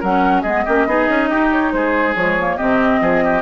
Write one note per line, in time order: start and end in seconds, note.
0.00 0.44 F#3
0.00 0.46 C#4
0.00 0.43 A#4
0.00 0.41 F#5
0.41 0.65 G#3
0.41 0.67 B3
0.41 0.64 G#4
0.41 1.48 D#5
0.65 0.86 A#3
0.65 0.88 C#4
0.65 0.87 G4
0.86 1.08 B3
0.86 2.17 D#4
0.86 1.30 G#4
1.09 1.31 C#4
1.30 1.73 D#4
1.30 1.72 G4
1.52 1.72 C#5
1.72 2.15 G#3
1.72 2.57 G#4
1.72 2.15 C5
2.15 2.58 F3
2.15 2.38 G#3
2.15 2.57 C#5
2.39 2.59 A#3
2.57 3.01 C3
2.57 3.42 C4
2.57 3.00 G4
2.57 3.42 D#5
3.01 3.42 F3
3.01 3.24 G#4
3.25 3.42 G4